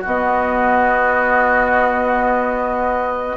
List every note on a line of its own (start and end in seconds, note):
0.00 3.37 B3
0.00 3.36 F#4
0.07 3.37 D#5